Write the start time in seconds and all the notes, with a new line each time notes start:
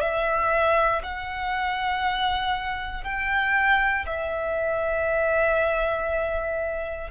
0.00 E5
1.03 F#5
3.03 G5
4.06 E5